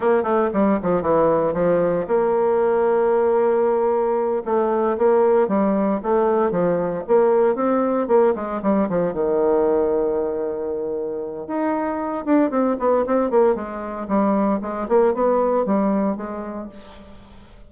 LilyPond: \new Staff \with { instrumentName = "bassoon" } { \time 4/4 \tempo 4 = 115 ais8 a8 g8 f8 e4 f4 | ais1~ | ais8 a4 ais4 g4 a8~ | a8 f4 ais4 c'4 ais8 |
gis8 g8 f8 dis2~ dis8~ | dis2 dis'4. d'8 | c'8 b8 c'8 ais8 gis4 g4 | gis8 ais8 b4 g4 gis4 | }